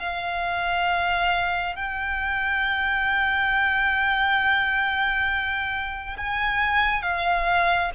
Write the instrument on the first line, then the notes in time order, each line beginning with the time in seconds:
violin
0.00 F5
1.76 G5
6.18 G#5
7.03 F5